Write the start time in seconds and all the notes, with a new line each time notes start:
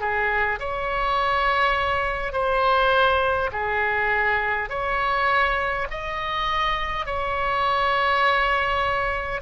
0.00 G#4
0.59 C#5
2.33 C5
3.52 G#4
4.70 C#5
5.90 D#5
7.06 C#5